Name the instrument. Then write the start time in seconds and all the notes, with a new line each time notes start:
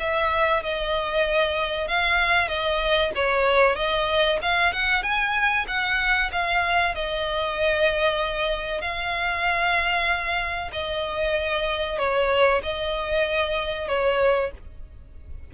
violin
0.00 E5
0.63 D#5
1.88 F5
2.49 D#5
3.16 C#5
3.76 D#5
4.42 F5
4.73 F#5
5.03 G#5
5.68 F#5
6.32 F5
6.95 D#5
8.81 F5
10.73 D#5
11.99 C#5
12.63 D#5
13.88 C#5